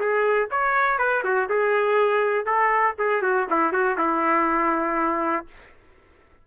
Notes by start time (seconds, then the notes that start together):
0.00 G#4
0.51 C#5
0.99 B4
1.24 F#4
1.50 G#4
2.46 A4
2.99 G#4
3.23 F#4
3.50 E4
3.73 F#4
3.98 E4